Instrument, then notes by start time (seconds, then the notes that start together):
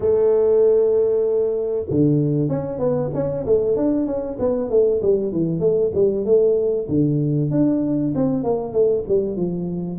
tuba
0.00 A3
1.90 D3
2.48 C#4
2.78 B3
3.13 C#4
3.45 A3
3.76 D4
4.06 C#4
4.39 B3
4.70 A3
5.02 G3
5.32 E3
5.60 A3
5.94 G3
6.25 A3
6.88 D3
7.51 D4
8.15 C4
8.43 A#3
8.72 A3
9.08 G3
9.36 F3